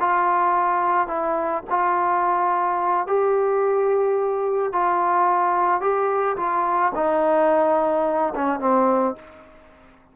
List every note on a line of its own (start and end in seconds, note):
0.00 1.08 F4
1.08 1.63 E4
1.70 3.07 F4
3.07 4.73 G4
4.73 5.81 F4
5.81 6.37 G4
6.37 6.92 F4
6.95 8.34 D#4
8.35 8.60 C#4
8.60 9.16 C4